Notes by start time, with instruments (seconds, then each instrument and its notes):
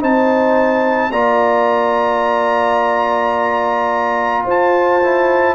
0.00 tuba C4, trombone D#4, horn C5, trumpet A5
1.11 tuba A#3, trombone F4, horn D5, trumpet A#5
4.45 tuba F4, horn C5, trumpet A5
5.04 trombone E4